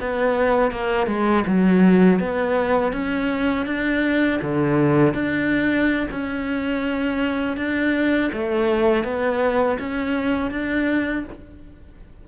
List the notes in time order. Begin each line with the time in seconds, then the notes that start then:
0.00 B3
0.71 A#3
1.07 G#3
1.47 F#3
2.20 B3
2.92 C#4
3.66 D4
4.42 D3
5.14 D4
6.11 C#4
7.57 D4
8.33 A3
9.04 B3
9.79 C#4
10.51 D4